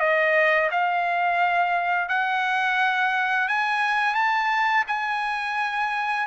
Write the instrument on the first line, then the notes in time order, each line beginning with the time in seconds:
trumpet
0.00 D#5
0.71 F5
2.09 F#5
3.48 G#5
4.14 A5
4.87 G#5